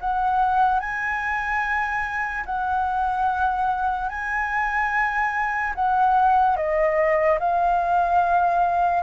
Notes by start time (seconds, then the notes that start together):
0.00 F#5
0.79 G#5
2.45 F#5
4.08 G#5
5.75 F#5
6.56 D#5
7.39 F5